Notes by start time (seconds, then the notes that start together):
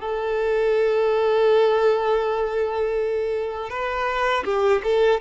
0.00 A4
3.70 B4
4.45 G4
4.84 A4